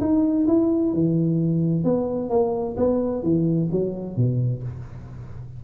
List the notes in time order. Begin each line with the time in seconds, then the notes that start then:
0.00 D#4
0.47 E4
0.93 E3
1.84 B3
2.30 A#3
2.77 B3
3.23 E3
3.71 F#3
4.16 B2